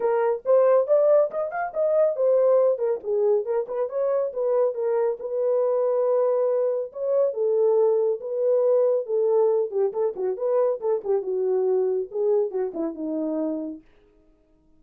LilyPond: \new Staff \with { instrumentName = "horn" } { \time 4/4 \tempo 4 = 139 ais'4 c''4 d''4 dis''8 f''8 | dis''4 c''4. ais'8 gis'4 | ais'8 b'8 cis''4 b'4 ais'4 | b'1 |
cis''4 a'2 b'4~ | b'4 a'4. g'8 a'8 fis'8 | b'4 a'8 g'8 fis'2 | gis'4 fis'8 e'8 dis'2 | }